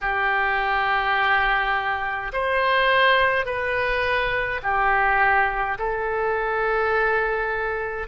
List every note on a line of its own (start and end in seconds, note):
0.01 2.31 G4
2.32 3.45 C5
3.45 4.60 B4
4.62 5.77 G4
5.78 8.07 A4